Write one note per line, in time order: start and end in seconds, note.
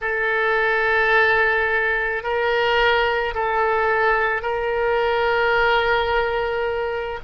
0.01 2.23 A4
2.23 3.34 A#4
3.34 4.41 A4
4.41 7.19 A#4